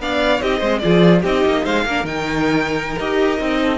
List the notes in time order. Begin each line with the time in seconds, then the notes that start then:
0.00 B3 D4 D5 F5
0.41 C4 D#4 G4 D#5
0.59 G#3 C4 C5
0.79 F3 F4 G#4 D5
1.22 C4 D#4 G4 D#5
1.46 A#3
1.64 G#3 C5 F5
1.85 A#3 D4 A#4
2.04 D#3 D#4 G5
2.99 D#4 G4 D#5
3.38 C4 D#4
3.61 A4